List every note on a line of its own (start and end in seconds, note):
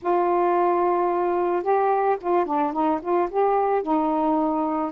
0.01 1.62 F4
1.62 2.17 G4
2.20 2.45 F4
2.45 2.72 D4
2.72 3.00 D#4
3.01 3.28 F4
3.30 3.82 G4
3.82 4.91 D#4